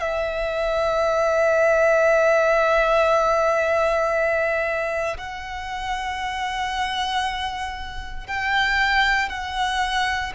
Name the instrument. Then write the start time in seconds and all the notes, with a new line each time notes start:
violin
0.00 E5
5.18 F#5
8.27 G5
9.29 F#5